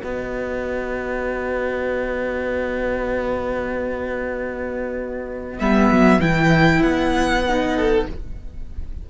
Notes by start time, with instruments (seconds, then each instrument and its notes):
0.00 cello B3, viola F#4, violin B4 D#5
5.59 cello G3, viola B3, violin E5
5.91 cello F#3
6.19 cello E3, viola E4, violin G5
6.82 cello B3, violin F#5
7.48 viola D#4
7.76 violin A4